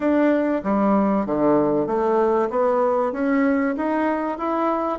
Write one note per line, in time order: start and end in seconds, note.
0.00 0.62 D4
0.63 1.26 G3
1.26 1.86 D3
1.86 2.49 A3
2.50 3.12 B3
3.12 3.75 C#4
3.76 4.38 D#4
4.38 4.99 E4